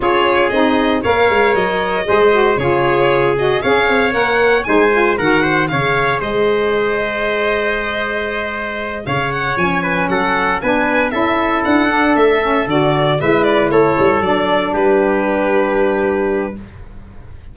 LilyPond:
<<
  \new Staff \with { instrumentName = "violin" } { \time 4/4 \tempo 4 = 116 cis''4 dis''4 f''4 dis''4~ | dis''4 cis''4. dis''8 f''4 | fis''4 gis''4 fis''4 f''4 | dis''1~ |
dis''4. f''8 fis''8 gis''4 fis''8~ | fis''8 gis''4 e''4 fis''4 e''8~ | e''8 d''4 e''8 d''8 cis''4 d''8~ | d''8 b'2.~ b'8 | }
  \new Staff \with { instrumentName = "trumpet" } { \time 4/4 gis'2 cis''2 | c''4 gis'2 cis''4~ | cis''4 c''4 ais'8 c''8 cis''4 | c''1~ |
c''4. cis''4. b'8 a'8~ | a'8 b'4 a'2~ a'8~ | a'4. b'4 a'4.~ | a'8 g'2.~ g'8 | }
  \new Staff \with { instrumentName = "saxophone" } { \time 4/4 f'4 dis'4 ais'2 | gis'8 fis'8 f'4. fis'8 gis'4 | ais'4 dis'8 f'8 fis'4 gis'4~ | gis'1~ |
gis'2~ gis'8 cis'4.~ | cis'8 d'4 e'4. d'4 | cis'8 fis'4 e'2 d'8~ | d'1 | }
  \new Staff \with { instrumentName = "tuba" } { \time 4/4 cis'4 c'4 ais8 gis8 fis4 | gis4 cis2 cis'8 c'8 | ais4 gis4 dis4 cis4 | gis1~ |
gis4. cis4 f4 fis8~ | fis8 b4 cis'4 d'4 a8~ | a8 d4 gis4 a8 g8 fis8~ | fis8 g2.~ g8 | }
>>